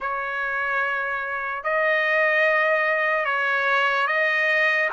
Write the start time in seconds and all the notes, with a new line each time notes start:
0.00 C#5
1.63 D#5
3.25 C#5
4.07 D#5